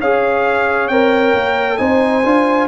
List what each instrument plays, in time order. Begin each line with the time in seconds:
0.00 tuba C#4, trombone G#4, horn C#5, trumpet F5
0.88 tuba C4, trombone A#4, trumpet G5
1.34 tuba A#3
1.78 tuba C4, trombone D#4, horn C5, trumpet G#5
2.24 tuba D4, trombone F4